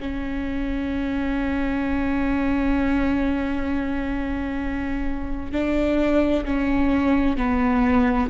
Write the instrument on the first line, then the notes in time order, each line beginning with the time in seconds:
viola
0.00 C#4
5.52 D4
6.45 C#4
7.37 B3